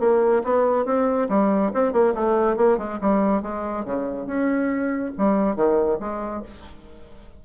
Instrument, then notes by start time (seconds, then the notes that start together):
bassoon
0.00 A#3
0.44 B3
0.85 C4
1.29 G3
1.74 C4
1.93 A#3
2.15 A3
2.57 A#3
2.78 G#3
3.01 G3
3.42 G#3
3.85 C#3
4.26 C#4
5.18 G3
5.56 D#3
6.00 G#3